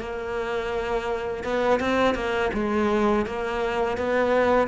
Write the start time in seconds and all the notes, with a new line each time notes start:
0.00 A#3
1.44 B3
1.80 C4
2.15 A#3
2.54 G#3
3.26 A#3
3.98 B3